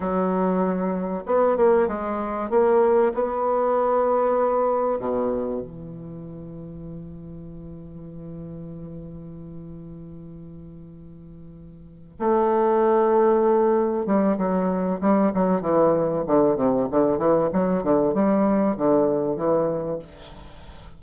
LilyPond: \new Staff \with { instrumentName = "bassoon" } { \time 4/4 \tempo 4 = 96 fis2 b8 ais8 gis4 | ais4 b2. | b,4 e2.~ | e1~ |
e2.~ e8 a8~ | a2~ a8 g8 fis4 | g8 fis8 e4 d8 c8 d8 e8 | fis8 d8 g4 d4 e4 | }